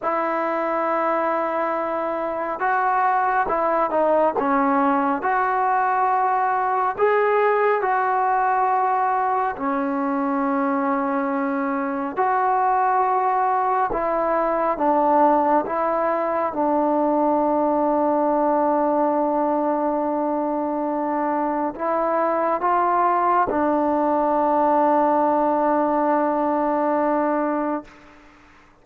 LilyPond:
\new Staff \with { instrumentName = "trombone" } { \time 4/4 \tempo 4 = 69 e'2. fis'4 | e'8 dis'8 cis'4 fis'2 | gis'4 fis'2 cis'4~ | cis'2 fis'2 |
e'4 d'4 e'4 d'4~ | d'1~ | d'4 e'4 f'4 d'4~ | d'1 | }